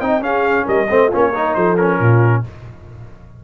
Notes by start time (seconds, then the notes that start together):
0.00 C4 D#4 D#5 G5
0.19 C#4 G#4 F5
0.65 G3 A#4 D#5
0.89 A3 C4 C5
1.08 A#3 C#4 F4 C#5
1.31 D#4 A#4
1.54 F3 A4 C5
1.77 C#4 A#4
1.99 A#2 F4